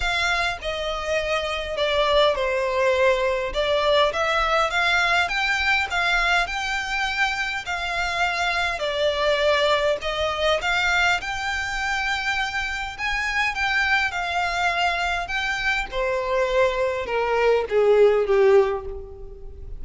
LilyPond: \new Staff \with { instrumentName = "violin" } { \time 4/4 \tempo 4 = 102 f''4 dis''2 d''4 | c''2 d''4 e''4 | f''4 g''4 f''4 g''4~ | g''4 f''2 d''4~ |
d''4 dis''4 f''4 g''4~ | g''2 gis''4 g''4 | f''2 g''4 c''4~ | c''4 ais'4 gis'4 g'4 | }